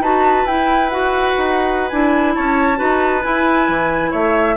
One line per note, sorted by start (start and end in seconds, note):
0.00 0.44 D#4
0.00 0.47 F#4
0.00 2.35 B4
0.00 0.47 A5
0.44 1.33 E4
0.44 0.91 E4
0.44 0.90 G5
0.90 1.91 F#4
0.90 1.89 F#5
1.37 1.92 D#4
1.89 2.36 D4
1.89 2.76 E4
1.89 2.33 G#5
2.35 2.80 C#4
2.35 2.78 C#5
2.35 3.23 A5
2.76 3.24 D#4
2.76 3.21 F#4
2.76 4.11 B4
3.23 4.57 E4
3.23 3.69 E4
3.23 4.12 G#5
3.69 4.13 E3
4.11 4.57 A3
4.11 4.55 C#5
4.11 4.57 E5